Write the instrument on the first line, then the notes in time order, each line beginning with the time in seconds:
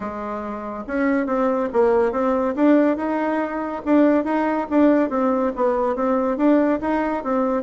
bassoon
0.00 G#3
0.87 C#4
1.26 C4
1.72 A#3
2.12 C4
2.55 D4
2.97 D#4
3.85 D4
4.24 D#4
4.69 D4
5.09 C4
5.55 B3
5.95 C4
6.37 D4
6.80 D#4
7.23 C4